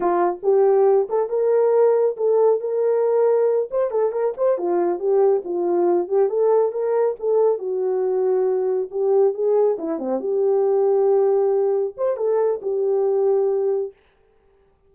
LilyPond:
\new Staff \with { instrumentName = "horn" } { \time 4/4 \tempo 4 = 138 f'4 g'4. a'8 ais'4~ | ais'4 a'4 ais'2~ | ais'8 c''8 a'8 ais'8 c''8 f'4 g'8~ | g'8 f'4. g'8 a'4 ais'8~ |
ais'8 a'4 fis'2~ fis'8~ | fis'8 g'4 gis'4 e'8 c'8 g'8~ | g'2.~ g'8 c''8 | a'4 g'2. | }